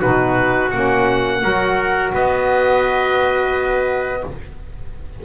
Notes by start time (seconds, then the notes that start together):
0.00 B2 D#4 F#4 B4
0.71 A#3 C#4 F#5
1.42 F#3 F#4 A#4
2.14 B3 B4 D#5